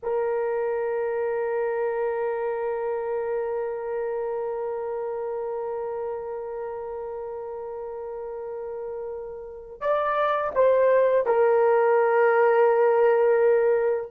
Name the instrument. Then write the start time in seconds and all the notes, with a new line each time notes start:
horn
0.02 A#4
9.80 D5
10.55 C5
11.26 A#4